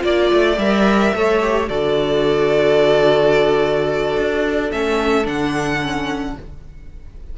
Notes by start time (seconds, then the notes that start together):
0.00 A#3 F4 D5
0.33 A3
0.58 G3 A#4 E5
1.14 A3 A4 C#5
1.42 G4
1.69 D3 F#4 A4 D5
4.17 D4
4.72 A3 C#4 E5
5.24 D3 D4 F#5
5.82 C#4